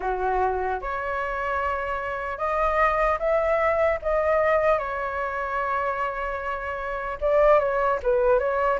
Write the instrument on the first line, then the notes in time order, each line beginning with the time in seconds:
flute
0.00 F#4
0.81 C#5
2.38 D#5
3.19 E5
4.01 D#5
4.78 C#5
7.20 D5
7.59 C#5
8.03 B4
8.39 C#5